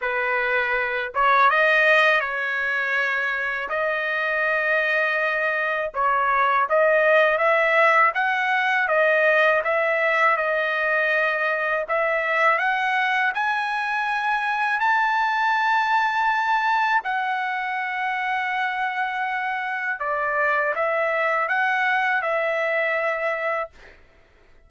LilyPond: \new Staff \with { instrumentName = "trumpet" } { \time 4/4 \tempo 4 = 81 b'4. cis''8 dis''4 cis''4~ | cis''4 dis''2. | cis''4 dis''4 e''4 fis''4 | dis''4 e''4 dis''2 |
e''4 fis''4 gis''2 | a''2. fis''4~ | fis''2. d''4 | e''4 fis''4 e''2 | }